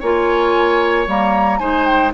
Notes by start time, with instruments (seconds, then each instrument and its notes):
0.00 bassoon A#3, clarinet F4, oboe C#5, flute G#5
1.07 bassoon G3, clarinet A#3, flute A#5
1.59 bassoon G#3, clarinet D#4, oboe C5, flute G#5
1.86 flute G5